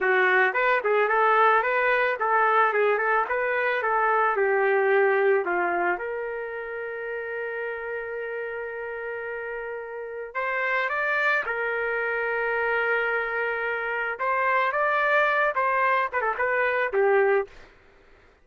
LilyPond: \new Staff \with { instrumentName = "trumpet" } { \time 4/4 \tempo 4 = 110 fis'4 b'8 gis'8 a'4 b'4 | a'4 gis'8 a'8 b'4 a'4 | g'2 f'4 ais'4~ | ais'1~ |
ais'2. c''4 | d''4 ais'2.~ | ais'2 c''4 d''4~ | d''8 c''4 b'16 a'16 b'4 g'4 | }